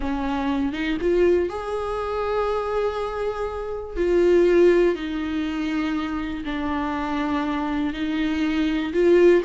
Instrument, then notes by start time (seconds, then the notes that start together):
viola
0.00 C#4
0.72 D#4
1.01 F4
1.49 G#4
3.96 F4
4.95 D#4
6.44 D4
7.93 D#4
8.93 F4